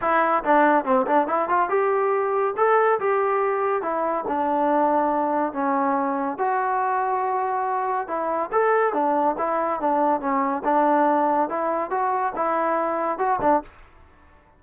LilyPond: \new Staff \with { instrumentName = "trombone" } { \time 4/4 \tempo 4 = 141 e'4 d'4 c'8 d'8 e'8 f'8 | g'2 a'4 g'4~ | g'4 e'4 d'2~ | d'4 cis'2 fis'4~ |
fis'2. e'4 | a'4 d'4 e'4 d'4 | cis'4 d'2 e'4 | fis'4 e'2 fis'8 d'8 | }